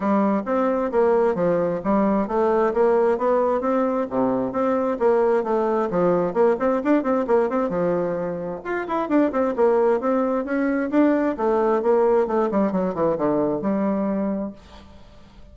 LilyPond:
\new Staff \with { instrumentName = "bassoon" } { \time 4/4 \tempo 4 = 132 g4 c'4 ais4 f4 | g4 a4 ais4 b4 | c'4 c4 c'4 ais4 | a4 f4 ais8 c'8 d'8 c'8 |
ais8 c'8 f2 f'8 e'8 | d'8 c'8 ais4 c'4 cis'4 | d'4 a4 ais4 a8 g8 | fis8 e8 d4 g2 | }